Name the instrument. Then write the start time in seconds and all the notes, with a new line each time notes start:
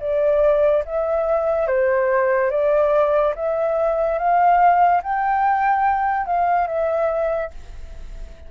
flute
0.00 D5
0.85 E5
1.67 C5
2.50 D5
3.35 E5
4.18 F5
5.02 G5
6.26 F5
6.67 E5